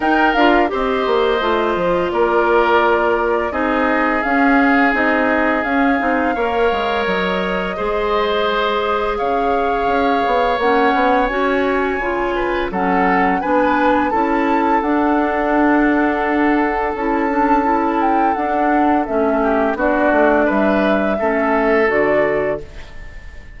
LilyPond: <<
  \new Staff \with { instrumentName = "flute" } { \time 4/4 \tempo 4 = 85 g''8 f''8 dis''2 d''4~ | d''4 dis''4 f''4 dis''4 | f''2 dis''2~ | dis''4 f''2 fis''4 |
gis''2 fis''4 gis''4 | a''4 fis''2. | a''4. g''8 fis''4 e''4 | d''4 e''2 d''4 | }
  \new Staff \with { instrumentName = "oboe" } { \time 4/4 ais'4 c''2 ais'4~ | ais'4 gis'2.~ | gis'4 cis''2 c''4~ | c''4 cis''2.~ |
cis''4. b'8 a'4 b'4 | a'1~ | a'2.~ a'8 g'8 | fis'4 b'4 a'2 | }
  \new Staff \with { instrumentName = "clarinet" } { \time 4/4 dis'8 f'8 g'4 f'2~ | f'4 dis'4 cis'4 dis'4 | cis'8 dis'8 ais'2 gis'4~ | gis'2. cis'4 |
fis'4 f'4 cis'4 d'4 | e'4 d'2. | e'8 d'8 e'4 d'4 cis'4 | d'2 cis'4 fis'4 | }
  \new Staff \with { instrumentName = "bassoon" } { \time 4/4 dis'8 d'8 c'8 ais8 a8 f8 ais4~ | ais4 c'4 cis'4 c'4 | cis'8 c'8 ais8 gis8 fis4 gis4~ | gis4 cis4 cis'8 b8 ais8 b8 |
cis'4 cis4 fis4 b4 | cis'4 d'2. | cis'2 d'4 a4 | b8 a8 g4 a4 d4 | }
>>